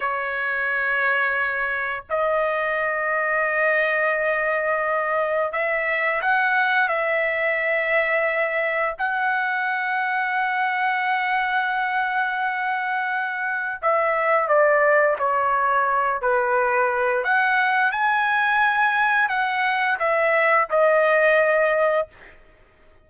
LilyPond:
\new Staff \with { instrumentName = "trumpet" } { \time 4/4 \tempo 4 = 87 cis''2. dis''4~ | dis''1 | e''4 fis''4 e''2~ | e''4 fis''2.~ |
fis''1 | e''4 d''4 cis''4. b'8~ | b'4 fis''4 gis''2 | fis''4 e''4 dis''2 | }